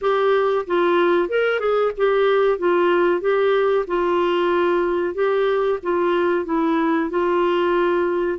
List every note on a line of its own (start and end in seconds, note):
0.01 0.65 G4
0.66 1.28 F4
1.28 1.59 A#4
1.59 1.91 G#4
1.97 2.58 G4
2.58 3.20 F4
3.20 3.85 G4
3.87 5.14 F4
5.14 5.78 G4
5.82 6.45 F4
6.45 7.09 E4
7.10 8.39 F4